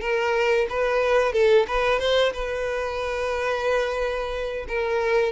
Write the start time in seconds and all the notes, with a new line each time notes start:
0.00 A#4
0.69 B4
1.32 A4
1.67 B4
1.99 C5
2.33 B4
4.68 A#4